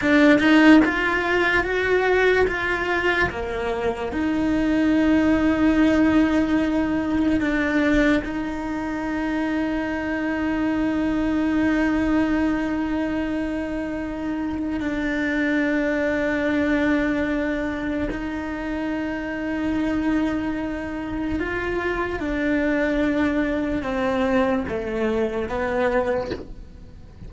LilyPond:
\new Staff \with { instrumentName = "cello" } { \time 4/4 \tempo 4 = 73 d'8 dis'8 f'4 fis'4 f'4 | ais4 dis'2.~ | dis'4 d'4 dis'2~ | dis'1~ |
dis'2 d'2~ | d'2 dis'2~ | dis'2 f'4 d'4~ | d'4 c'4 a4 b4 | }